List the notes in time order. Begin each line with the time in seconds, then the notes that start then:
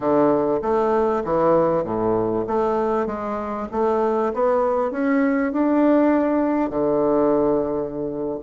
0.00 D3
0.62 A3
1.24 E3
1.84 A2
2.47 A3
3.06 G#3
3.71 A3
4.33 B3
4.91 C#4
5.52 D4
6.70 D3